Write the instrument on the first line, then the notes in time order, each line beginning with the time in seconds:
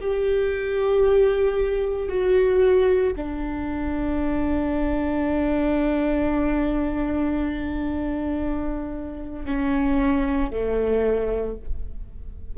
viola
0.00 G4
2.09 F#4
3.15 D4
9.45 C#4
10.50 A3